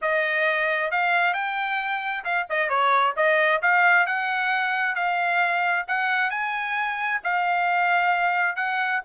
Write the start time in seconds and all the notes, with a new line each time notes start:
0.01 D#5
0.91 F5
1.33 G5
2.24 F5
2.49 D#5
2.69 C#5
3.16 D#5
3.62 F5
4.06 F#5
4.95 F5
5.87 F#5
6.30 G#5
7.23 F5
8.56 F#5